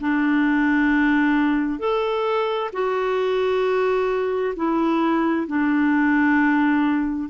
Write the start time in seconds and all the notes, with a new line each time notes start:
0.00 D4
1.79 A4
2.73 F#4
4.56 E4
5.47 D4